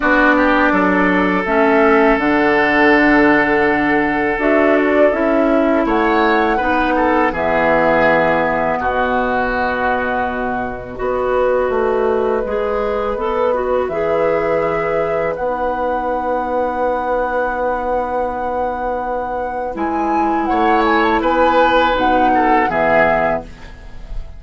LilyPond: <<
  \new Staff \with { instrumentName = "flute" } { \time 4/4 \tempo 4 = 82 d''2 e''4 fis''4~ | fis''2 e''8 d''8 e''4 | fis''2 e''2 | dis''1~ |
dis''2. e''4~ | e''4 fis''2.~ | fis''2. gis''4 | fis''8 gis''16 a''16 gis''4 fis''4 e''4 | }
  \new Staff \with { instrumentName = "oboe" } { \time 4/4 fis'8 g'8 a'2.~ | a'1 | cis''4 b'8 a'8 gis'2 | fis'2. b'4~ |
b'1~ | b'1~ | b'1 | cis''4 b'4. a'8 gis'4 | }
  \new Staff \with { instrumentName = "clarinet" } { \time 4/4 d'2 cis'4 d'4~ | d'2 fis'4 e'4~ | e'4 dis'4 b2~ | b2. fis'4~ |
fis'4 gis'4 a'8 fis'8 gis'4~ | gis'4 dis'2.~ | dis'2. e'4~ | e'2 dis'4 b4 | }
  \new Staff \with { instrumentName = "bassoon" } { \time 4/4 b4 fis4 a4 d4~ | d2 d'4 cis'4 | a4 b4 e2 | b,2. b4 |
a4 gis4 b4 e4~ | e4 b2.~ | b2. gis4 | a4 b4 b,4 e4 | }
>>